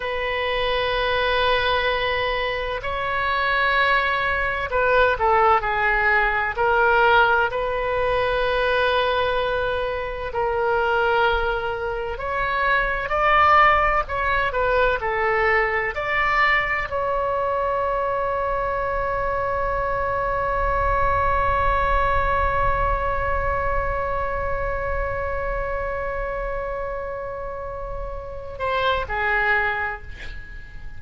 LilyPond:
\new Staff \with { instrumentName = "oboe" } { \time 4/4 \tempo 4 = 64 b'2. cis''4~ | cis''4 b'8 a'8 gis'4 ais'4 | b'2. ais'4~ | ais'4 cis''4 d''4 cis''8 b'8 |
a'4 d''4 cis''2~ | cis''1~ | cis''1~ | cis''2~ cis''8 c''8 gis'4 | }